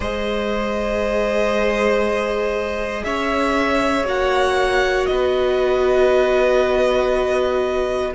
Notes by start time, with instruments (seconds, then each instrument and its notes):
0.00 cello G#3, viola G#4, violin C5 D#5
3.04 cello C#4, violin C#5 E5
4.04 cello A#3, viola F#4, violin F#5
5.06 cello B3, violin B4 D#5